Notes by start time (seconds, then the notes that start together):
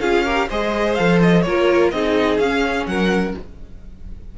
0.00 C#4 F4 G#4 F5
0.25 G4 A#4
0.49 G#3 G#4 C5 D#5
0.95 F3 A4 F5
1.22 D#5
1.42 A#3 F4 A#4 C#5
1.91 C4 D#4 G#4 D#5
2.38 C#4 F5
2.86 F#3 A#4 F#5